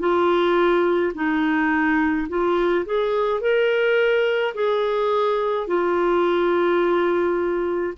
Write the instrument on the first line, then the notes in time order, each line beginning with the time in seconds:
clarinet
0.00 F4
1.15 D#4
2.29 F4
2.86 G#4
3.41 A#4
4.54 G#4
5.68 F4